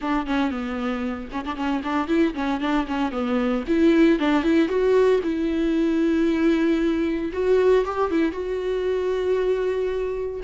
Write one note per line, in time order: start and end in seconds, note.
0.01 0.26 D4
0.26 0.50 C#4
0.50 1.29 B3
1.32 1.45 C#4
1.45 1.56 D4
1.56 1.82 C#4
1.83 2.07 D4
2.07 2.33 E4
2.34 2.60 C#4
2.60 2.86 D4
2.87 3.11 C#4
3.11 3.64 B3
3.67 4.19 E4
4.19 4.43 D4
4.43 4.68 E4
4.68 5.20 F#4
5.23 7.31 E4
7.32 7.85 F#4
7.85 8.10 G4
8.10 8.31 E4
8.31 10.40 F#4